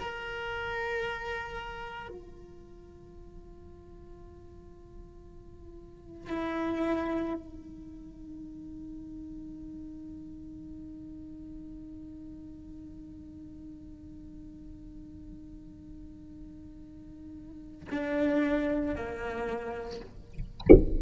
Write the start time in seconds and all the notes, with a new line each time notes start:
0.00 A#4
2.09 F4
6.30 E4
7.34 D#4
17.91 D4
18.95 A#3